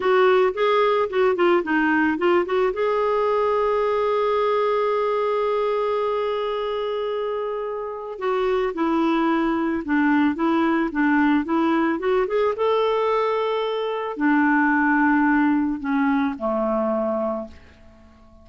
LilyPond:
\new Staff \with { instrumentName = "clarinet" } { \time 4/4 \tempo 4 = 110 fis'4 gis'4 fis'8 f'8 dis'4 | f'8 fis'8 gis'2.~ | gis'1~ | gis'2. fis'4 |
e'2 d'4 e'4 | d'4 e'4 fis'8 gis'8 a'4~ | a'2 d'2~ | d'4 cis'4 a2 | }